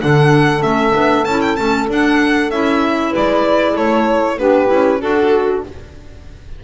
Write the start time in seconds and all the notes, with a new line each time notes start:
0.00 D3 D4 A4 F#5
0.61 A3 C#4 E5
0.94 B3 D4
1.25 C#4 E4 A5
1.42 G5
1.56 A3 C#4 A5
1.89 D4 F#5
2.51 C#4 E4 E5
3.10 B4 D5
3.17 G#3
3.74 A3 A4 C#5
4.38 B3 D4 G4 B4
4.67 C#4 E4
5.01 D4 F#4 A4